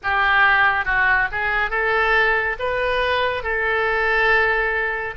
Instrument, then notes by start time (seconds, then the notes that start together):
oboe
0.03 G4
0.85 F#4
1.31 G#4
1.70 A4
2.59 B4
3.43 A4